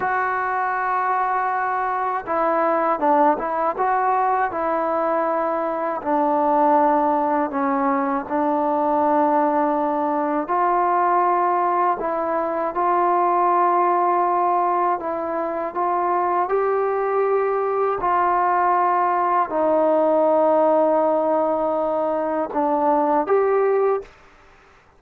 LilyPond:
\new Staff \with { instrumentName = "trombone" } { \time 4/4 \tempo 4 = 80 fis'2. e'4 | d'8 e'8 fis'4 e'2 | d'2 cis'4 d'4~ | d'2 f'2 |
e'4 f'2. | e'4 f'4 g'2 | f'2 dis'2~ | dis'2 d'4 g'4 | }